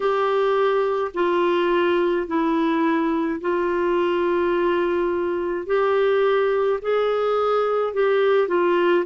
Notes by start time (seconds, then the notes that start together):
0.00 G4
1.14 F4
2.27 E4
3.40 F4
5.66 G4
6.81 G#4
7.93 G4
8.48 F4